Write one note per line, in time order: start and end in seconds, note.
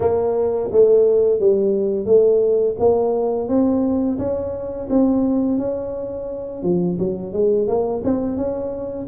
0.00 0.70 A#3
0.71 1.39 A3
1.39 2.05 G3
2.05 2.75 A3
2.79 3.48 A#3
3.48 4.18 C4
4.18 4.88 C#4
4.89 5.58 C4
5.58 6.62 C#4
6.62 6.97 F3
6.98 7.33 F#3
7.33 7.67 G#3
7.67 8.02 A#3
8.04 8.37 C4
8.37 9.06 C#4